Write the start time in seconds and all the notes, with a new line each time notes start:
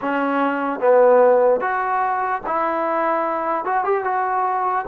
0.01 C#4
0.80 B3
1.60 F#4
2.46 E4
3.64 F#4
3.84 G4
4.04 F#4